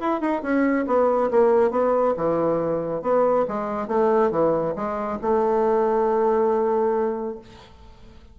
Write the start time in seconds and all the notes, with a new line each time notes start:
0.00 E4
0.20 D#4
0.42 C#4
0.87 B3
1.31 A#3
1.71 B3
2.17 E3
3.02 B3
3.48 G#3
3.88 A3
4.31 E3
4.75 G#3
5.22 A3